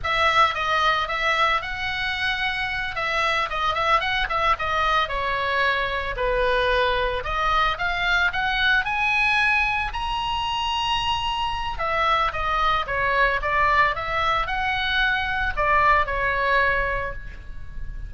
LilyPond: \new Staff \with { instrumentName = "oboe" } { \time 4/4 \tempo 4 = 112 e''4 dis''4 e''4 fis''4~ | fis''4. e''4 dis''8 e''8 fis''8 | e''8 dis''4 cis''2 b'8~ | b'4. dis''4 f''4 fis''8~ |
fis''8 gis''2 ais''4.~ | ais''2 e''4 dis''4 | cis''4 d''4 e''4 fis''4~ | fis''4 d''4 cis''2 | }